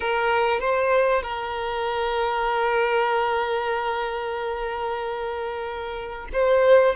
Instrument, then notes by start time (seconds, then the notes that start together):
violin
0.00 A#4
0.60 C5
1.22 A#4
6.32 C5